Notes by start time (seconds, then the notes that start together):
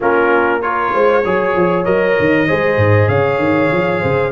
0.00 A#3 C#4 F4 A#4
0.61 F4 A#4 C#5
0.93 G#3 C5
1.24 F#3 G#4 C#5
1.55 F3
1.85 F#3 A#4 D#5
2.19 D#3
2.47 G#3 G#4 C5
2.76 G#2
3.08 C#3 C#5 F5
3.38 D#3
3.72 F3
4.00 C#3 C5